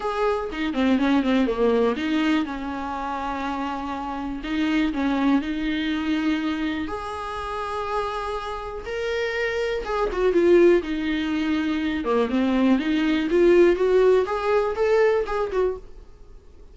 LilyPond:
\new Staff \with { instrumentName = "viola" } { \time 4/4 \tempo 4 = 122 gis'4 dis'8 c'8 cis'8 c'8 ais4 | dis'4 cis'2.~ | cis'4 dis'4 cis'4 dis'4~ | dis'2 gis'2~ |
gis'2 ais'2 | gis'8 fis'8 f'4 dis'2~ | dis'8 ais8 c'4 dis'4 f'4 | fis'4 gis'4 a'4 gis'8 fis'8 | }